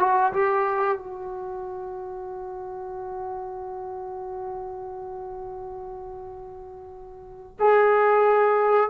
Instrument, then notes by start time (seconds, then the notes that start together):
trombone
0.00 F#4
0.33 G4
0.99 F#4
7.60 G#4